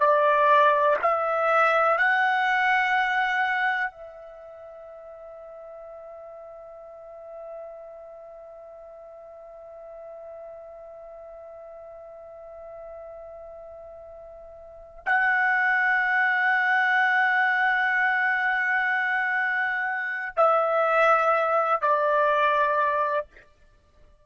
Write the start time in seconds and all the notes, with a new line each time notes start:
0.00 D5
1.02 E5
1.98 F#5
3.91 E5
15.06 F#5
20.36 E5
21.81 D5